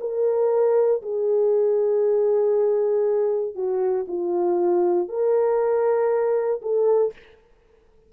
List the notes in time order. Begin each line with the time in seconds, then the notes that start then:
0.00 A#4
1.02 G#4
3.55 F#4
4.08 F4
5.08 A#4
6.61 A4